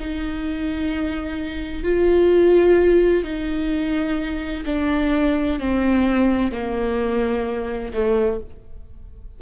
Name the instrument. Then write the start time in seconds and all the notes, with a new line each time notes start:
viola
0.00 D#4
1.84 F4
3.24 D#4
4.66 D4
5.60 C4
6.52 A#3
7.94 A3